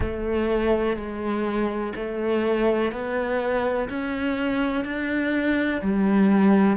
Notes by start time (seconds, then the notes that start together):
0.00 A3
0.96 G#3
1.95 A3
2.92 B3
3.89 C#4
4.84 D4
5.81 G3